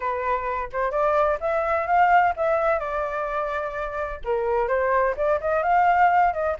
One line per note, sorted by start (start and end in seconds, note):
0.00 0.69 B4
0.72 0.91 C5
0.91 1.38 D5
1.40 1.86 E5
1.86 2.33 F5
2.36 2.79 E5
2.79 4.20 D5
4.24 4.68 A#4
4.68 5.15 C5
5.16 5.40 D5
5.40 5.62 D#5
5.62 6.33 F5
6.33 6.56 D#5